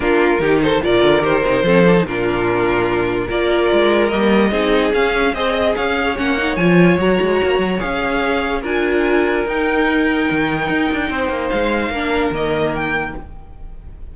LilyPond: <<
  \new Staff \with { instrumentName = "violin" } { \time 4/4 \tempo 4 = 146 ais'4. c''8 d''4 c''4~ | c''4 ais'2. | d''2 dis''2 | f''4 dis''4 f''4 fis''4 |
gis''4 ais''2 f''4~ | f''4 gis''2 g''4~ | g''1 | f''2 dis''4 g''4 | }
  \new Staff \with { instrumentName = "violin" } { \time 4/4 f'4 g'8 a'8 ais'2 | a'4 f'2. | ais'2. gis'4~ | gis'4 c''8 dis''8 cis''2~ |
cis''1~ | cis''4 ais'2.~ | ais'2. c''4~ | c''4 ais'2. | }
  \new Staff \with { instrumentName = "viola" } { \time 4/4 d'4 dis'4 f'4 g'8 dis'8 | c'8 d'16 dis'16 d'2. | f'2 ais4 dis'4 | cis'4 gis'2 cis'8 dis'8 |
f'4 fis'2 gis'4~ | gis'4 f'2 dis'4~ | dis'1~ | dis'4 d'4 ais2 | }
  \new Staff \with { instrumentName = "cello" } { \time 4/4 ais4 dis4 ais,8 d8 dis8 c8 | f4 ais,2. | ais4 gis4 g4 c'4 | cis'4 c'4 cis'4 ais4 |
f4 fis8 gis8 ais8 fis8 cis'4~ | cis'4 d'2 dis'4~ | dis'4 dis4 dis'8 d'8 c'8 ais8 | gis4 ais4 dis2 | }
>>